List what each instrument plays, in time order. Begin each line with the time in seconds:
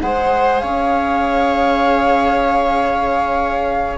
0.00 bassoon G#3, cello G#4, viola C5, flute F#5
0.60 bassoon C#4, viola C#5, flute F5